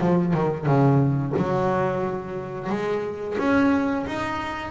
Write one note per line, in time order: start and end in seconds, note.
0.00 0.33 F3
0.33 0.66 D#3
0.66 1.33 C#3
1.36 2.69 F#3
2.69 3.37 G#3
3.38 4.06 C#4
4.07 4.70 D#4